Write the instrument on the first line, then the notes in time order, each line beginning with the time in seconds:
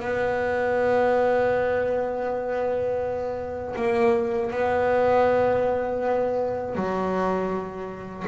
double bass
0.00 B3
3.76 A#3
4.51 B3
6.75 F#3